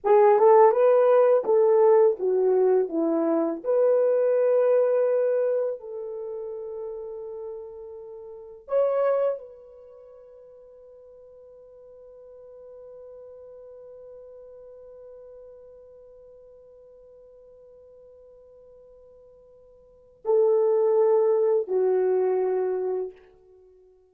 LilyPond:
\new Staff \with { instrumentName = "horn" } { \time 4/4 \tempo 4 = 83 gis'8 a'8 b'4 a'4 fis'4 | e'4 b'2. | a'1 | cis''4 b'2.~ |
b'1~ | b'1~ | b'1 | a'2 fis'2 | }